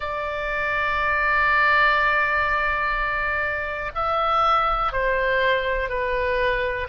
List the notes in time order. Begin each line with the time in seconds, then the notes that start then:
0.00 D5
3.94 E5
4.92 C5
5.89 B4